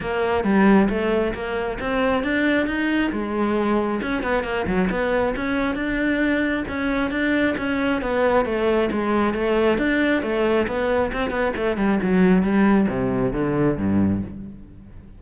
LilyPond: \new Staff \with { instrumentName = "cello" } { \time 4/4 \tempo 4 = 135 ais4 g4 a4 ais4 | c'4 d'4 dis'4 gis4~ | gis4 cis'8 b8 ais8 fis8 b4 | cis'4 d'2 cis'4 |
d'4 cis'4 b4 a4 | gis4 a4 d'4 a4 | b4 c'8 b8 a8 g8 fis4 | g4 c4 d4 g,4 | }